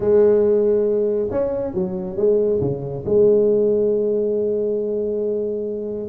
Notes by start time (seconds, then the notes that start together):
0.00 G#3
1.30 C#4
1.74 F#3
2.16 G#3
2.60 C#3
3.05 G#3